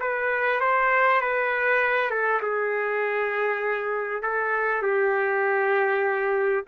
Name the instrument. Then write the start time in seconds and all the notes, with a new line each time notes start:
trumpet
0.00 B4
0.60 C5
1.21 B4
2.10 A4
2.42 G#4
4.23 A4
4.82 G4